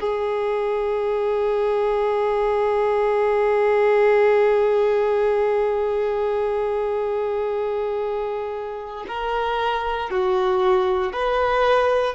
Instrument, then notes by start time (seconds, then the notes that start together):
violin
0.00 G#4
9.08 A#4
10.10 F#4
11.12 B4